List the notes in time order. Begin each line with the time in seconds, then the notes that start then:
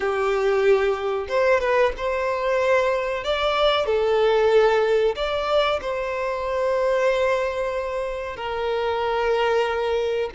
0.00 G4
1.28 C5
1.60 B4
1.97 C5
3.23 D5
3.86 A4
5.15 D5
5.81 C5
8.36 A#4